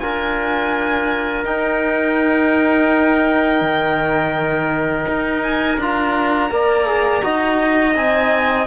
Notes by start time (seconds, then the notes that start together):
0.00 D4 F4 A#4 G#5
1.44 D#4 G5
3.61 D#3
5.08 D#4
5.43 G#5
5.78 D4 F4 A#5
6.50 A#3 A#4 D5
6.87 G#4
7.23 D#4 F#4 D#5
7.94 C4 D#4 G#5